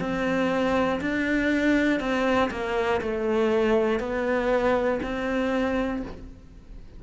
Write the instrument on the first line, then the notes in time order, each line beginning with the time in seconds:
cello
0.00 C4
1.01 D4
2.00 C4
2.51 A#3
3.01 A3
4.00 B3
5.03 C4